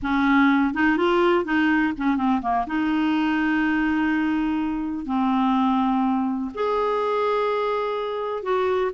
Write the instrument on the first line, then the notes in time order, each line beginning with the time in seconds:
clarinet
0.02 C#4
0.73 D#4
0.97 F4
1.45 D#4
1.97 C#4
2.16 C4
2.41 A#3
2.66 D#4
5.05 C4
6.54 G#4
8.42 F#4